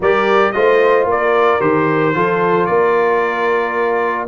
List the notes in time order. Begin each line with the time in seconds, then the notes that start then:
0.00 G3 G4 A#4 D5
0.51 A3 F4 C5 D#5
1.04 A#3 A#4
1.10 D5
1.60 D#3 G4 C5
2.14 F3 F4 A4
2.66 A#3 A#4 D5